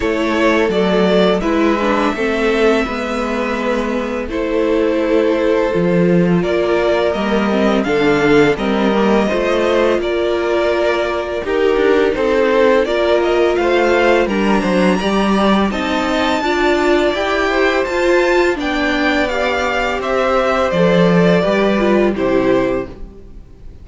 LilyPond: <<
  \new Staff \with { instrumentName = "violin" } { \time 4/4 \tempo 4 = 84 cis''4 d''4 e''2~ | e''2 c''2~ | c''4 d''4 dis''4 f''4 | dis''2 d''2 |
ais'4 c''4 d''8 dis''8 f''4 | ais''2 a''2 | g''4 a''4 g''4 f''4 | e''4 d''2 c''4 | }
  \new Staff \with { instrumentName = "violin" } { \time 4/4 a'2 b'4 a'4 | b'2 a'2~ | a'4 ais'2 a'4 | ais'4 c''4 ais'2 |
g'4 a'4 ais'4 c''4 | ais'8 c''8 d''4 dis''4 d''4~ | d''8 c''4. d''2 | c''2 b'4 g'4 | }
  \new Staff \with { instrumentName = "viola" } { \time 4/4 e'4 a4 e'8 d'8 c'4 | b2 e'2 | f'2 ais8 c'8 d'4 | c'8 ais8 f'2. |
dis'2 f'2 | d'4 g'4 dis'4 f'4 | g'4 f'4 d'4 g'4~ | g'4 a'4 g'8 f'8 e'4 | }
  \new Staff \with { instrumentName = "cello" } { \time 4/4 a4 fis4 gis4 a4 | gis2 a2 | f4 ais4 g4 d4 | g4 a4 ais2 |
dis'8 d'8 c'4 ais4 a4 | g8 fis8 g4 c'4 d'4 | e'4 f'4 b2 | c'4 f4 g4 c4 | }
>>